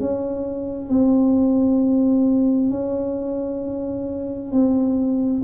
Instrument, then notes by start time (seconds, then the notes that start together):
tuba
0.00 C#4
0.89 C4
2.71 C#4
4.52 C4